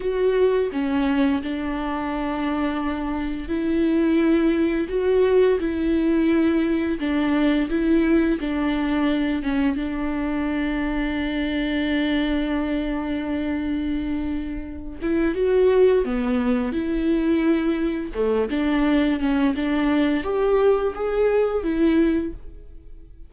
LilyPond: \new Staff \with { instrumentName = "viola" } { \time 4/4 \tempo 4 = 86 fis'4 cis'4 d'2~ | d'4 e'2 fis'4 | e'2 d'4 e'4 | d'4. cis'8 d'2~ |
d'1~ | d'4. e'8 fis'4 b4 | e'2 a8 d'4 cis'8 | d'4 g'4 gis'4 e'4 | }